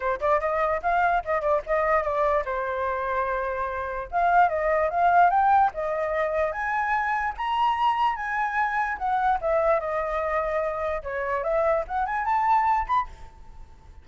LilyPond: \new Staff \with { instrumentName = "flute" } { \time 4/4 \tempo 4 = 147 c''8 d''8 dis''4 f''4 dis''8 d''8 | dis''4 d''4 c''2~ | c''2 f''4 dis''4 | f''4 g''4 dis''2 |
gis''2 ais''2 | gis''2 fis''4 e''4 | dis''2. cis''4 | e''4 fis''8 gis''8 a''4. b''8 | }